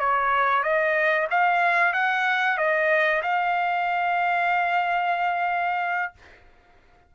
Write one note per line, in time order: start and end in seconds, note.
0.00 0.63 C#5
0.63 1.28 D#5
1.31 1.93 F5
1.93 2.58 F#5
2.58 3.22 D#5
3.23 6.13 F5